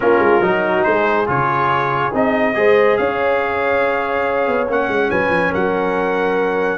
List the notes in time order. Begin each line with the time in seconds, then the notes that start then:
0.00 A#3 C#4 F4 A#4
0.18 G#3
0.41 F#3 D#4 F#4
0.83 G#3 G#4 C5
1.26 C#3 F4 C#5
2.13 C4 D#4 D#5
2.54 G#3 G#4 C5
2.97 C#4 C#5 F5
4.47 B3
4.68 A#3 C#4 F#5
4.88 G#3
5.10 F#3 B4 G#5
5.29 F3
5.51 F#3 A#4 F#5